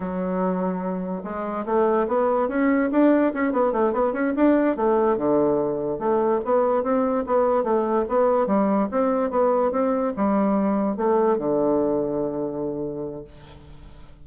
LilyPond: \new Staff \with { instrumentName = "bassoon" } { \time 4/4 \tempo 4 = 145 fis2. gis4 | a4 b4 cis'4 d'4 | cis'8 b8 a8 b8 cis'8 d'4 a8~ | a8 d2 a4 b8~ |
b8 c'4 b4 a4 b8~ | b8 g4 c'4 b4 c'8~ | c'8 g2 a4 d8~ | d1 | }